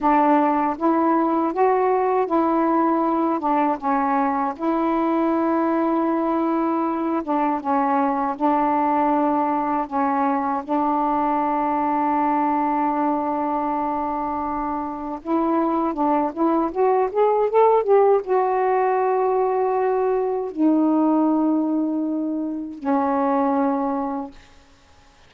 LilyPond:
\new Staff \with { instrumentName = "saxophone" } { \time 4/4 \tempo 4 = 79 d'4 e'4 fis'4 e'4~ | e'8 d'8 cis'4 e'2~ | e'4. d'8 cis'4 d'4~ | d'4 cis'4 d'2~ |
d'1 | e'4 d'8 e'8 fis'8 gis'8 a'8 g'8 | fis'2. dis'4~ | dis'2 cis'2 | }